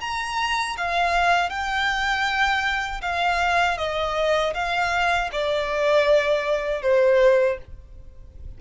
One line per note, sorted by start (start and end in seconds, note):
0.00 0.76 A#5
0.77 1.49 F5
1.49 3.01 G5
3.01 3.77 F5
3.77 4.53 D#5
4.54 5.30 F5
5.32 6.82 D5
6.82 7.58 C5